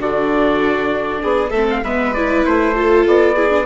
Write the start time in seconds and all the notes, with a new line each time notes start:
0.00 D3 D4 F#4 D5
1.22 B3 G#4
1.50 A3 C4 A4 E5
1.71 F5
1.83 G#3 B3 B4 E5
2.14 E4 D5
2.46 A3 C5
2.75 F4 A4
3.07 B3 D5
3.36 E4 G#4
3.50 D4